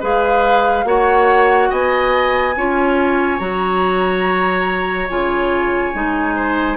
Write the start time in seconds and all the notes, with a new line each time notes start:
0.00 G#3 G#4 B4 F5
0.84 A#3 F#4 C#5 F#5
1.70 B3 D#5 G#5
2.56 C#4 F4 C#5
3.39 F#3 F#4 A#5
5.09 C#3 F4 G#5
5.93 G#3 D#4
6.35 C5